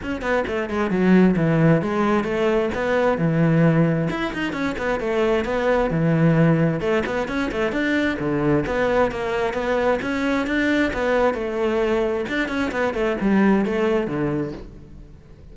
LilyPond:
\new Staff \with { instrumentName = "cello" } { \time 4/4 \tempo 4 = 132 cis'8 b8 a8 gis8 fis4 e4 | gis4 a4 b4 e4~ | e4 e'8 dis'8 cis'8 b8 a4 | b4 e2 a8 b8 |
cis'8 a8 d'4 d4 b4 | ais4 b4 cis'4 d'4 | b4 a2 d'8 cis'8 | b8 a8 g4 a4 d4 | }